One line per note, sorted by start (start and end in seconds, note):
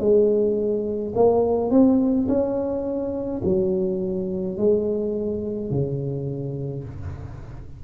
0.00 1.13 G#3
1.15 1.71 A#3
1.71 2.27 C4
2.28 3.42 C#4
3.44 4.57 F#3
4.58 5.71 G#3
5.71 6.84 C#3